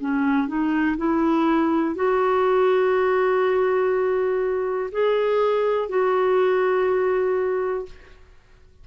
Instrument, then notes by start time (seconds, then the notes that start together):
clarinet
0.00 C#4
0.47 D#4
0.97 E4
1.95 F#4
4.91 G#4
5.89 F#4